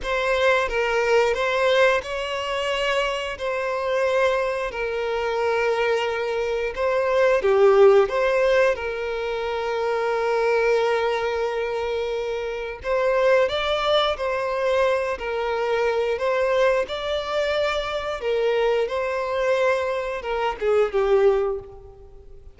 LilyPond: \new Staff \with { instrumentName = "violin" } { \time 4/4 \tempo 4 = 89 c''4 ais'4 c''4 cis''4~ | cis''4 c''2 ais'4~ | ais'2 c''4 g'4 | c''4 ais'2.~ |
ais'2. c''4 | d''4 c''4. ais'4. | c''4 d''2 ais'4 | c''2 ais'8 gis'8 g'4 | }